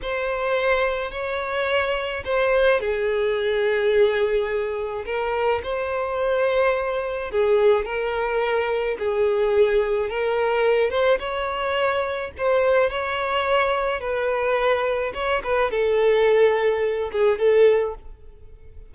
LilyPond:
\new Staff \with { instrumentName = "violin" } { \time 4/4 \tempo 4 = 107 c''2 cis''2 | c''4 gis'2.~ | gis'4 ais'4 c''2~ | c''4 gis'4 ais'2 |
gis'2 ais'4. c''8 | cis''2 c''4 cis''4~ | cis''4 b'2 cis''8 b'8 | a'2~ a'8 gis'8 a'4 | }